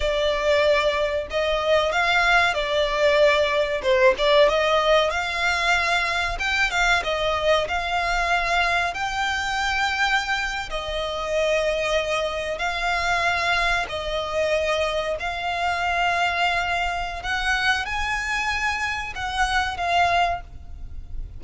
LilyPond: \new Staff \with { instrumentName = "violin" } { \time 4/4 \tempo 4 = 94 d''2 dis''4 f''4 | d''2 c''8 d''8 dis''4 | f''2 g''8 f''8 dis''4 | f''2 g''2~ |
g''8. dis''2. f''16~ | f''4.~ f''16 dis''2 f''16~ | f''2. fis''4 | gis''2 fis''4 f''4 | }